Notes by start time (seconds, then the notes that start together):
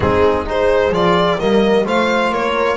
0.00 G#3 C4 D#4 G#4
0.45 D#4 G#4 C5
0.90 F3 F4 D5
1.39 G3 A#3 A#4 D#5
1.85 A3 F4 C5 F5
2.30 A#3 A#4 C#5